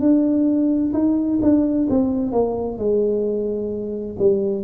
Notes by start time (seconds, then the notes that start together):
0.00 D4
0.93 D#4
1.42 D4
1.90 C4
2.32 A#3
2.78 G#3
4.19 G3